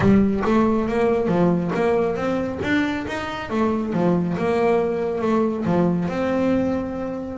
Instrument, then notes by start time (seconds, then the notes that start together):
double bass
0.00 G3
0.44 A3
0.88 A#3
1.27 F3
1.75 A#3
2.15 C4
2.62 D4
3.07 D#4
3.50 A3
3.93 F3
4.37 A#3
5.21 A3
5.65 F3
6.08 C4